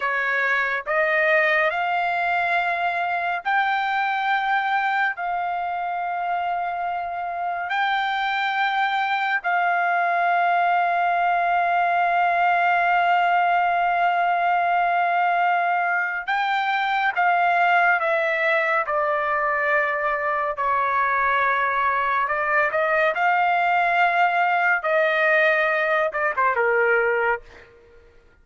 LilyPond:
\new Staff \with { instrumentName = "trumpet" } { \time 4/4 \tempo 4 = 70 cis''4 dis''4 f''2 | g''2 f''2~ | f''4 g''2 f''4~ | f''1~ |
f''2. g''4 | f''4 e''4 d''2 | cis''2 d''8 dis''8 f''4~ | f''4 dis''4. d''16 c''16 ais'4 | }